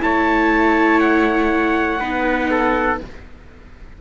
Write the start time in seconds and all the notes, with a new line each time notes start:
0.00 A3 E4 C#5 A5
1.00 F#5
2.00 B3 D#4 B4
2.51 A4